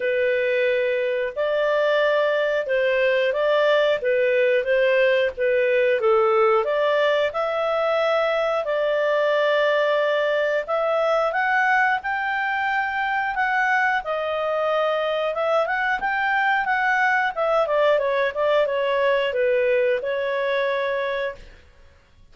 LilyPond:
\new Staff \with { instrumentName = "clarinet" } { \time 4/4 \tempo 4 = 90 b'2 d''2 | c''4 d''4 b'4 c''4 | b'4 a'4 d''4 e''4~ | e''4 d''2. |
e''4 fis''4 g''2 | fis''4 dis''2 e''8 fis''8 | g''4 fis''4 e''8 d''8 cis''8 d''8 | cis''4 b'4 cis''2 | }